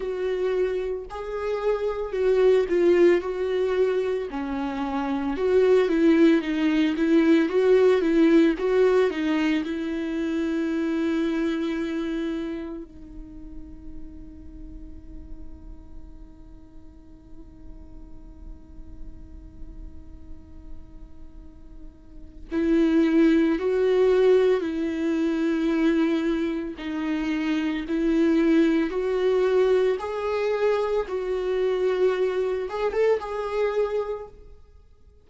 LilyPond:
\new Staff \with { instrumentName = "viola" } { \time 4/4 \tempo 4 = 56 fis'4 gis'4 fis'8 f'8 fis'4 | cis'4 fis'8 e'8 dis'8 e'8 fis'8 e'8 | fis'8 dis'8 e'2. | dis'1~ |
dis'1~ | dis'4 e'4 fis'4 e'4~ | e'4 dis'4 e'4 fis'4 | gis'4 fis'4. gis'16 a'16 gis'4 | }